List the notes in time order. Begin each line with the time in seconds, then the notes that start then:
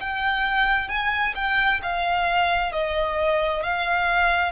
0.00 G5
0.88 G#5
1.35 G5
1.82 F5
2.72 D#5
3.63 F5